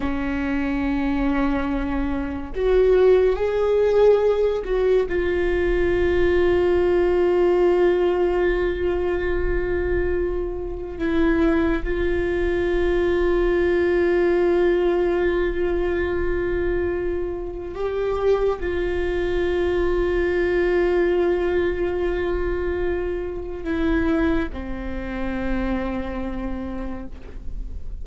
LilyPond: \new Staff \with { instrumentName = "viola" } { \time 4/4 \tempo 4 = 71 cis'2. fis'4 | gis'4. fis'8 f'2~ | f'1~ | f'4 e'4 f'2~ |
f'1~ | f'4 g'4 f'2~ | f'1 | e'4 c'2. | }